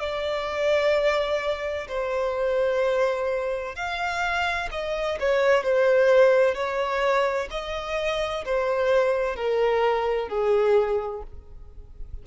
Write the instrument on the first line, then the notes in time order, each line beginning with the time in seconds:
violin
0.00 D5
1.88 C5
3.75 F5
4.71 D#5
5.20 C#5
5.63 C5
6.55 C#5
7.51 D#5
8.45 C5
9.36 A#4
10.29 G#4